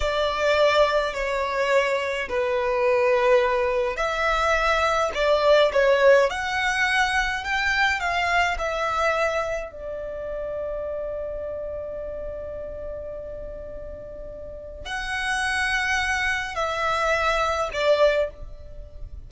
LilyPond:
\new Staff \with { instrumentName = "violin" } { \time 4/4 \tempo 4 = 105 d''2 cis''2 | b'2. e''4~ | e''4 d''4 cis''4 fis''4~ | fis''4 g''4 f''4 e''4~ |
e''4 d''2.~ | d''1~ | d''2 fis''2~ | fis''4 e''2 d''4 | }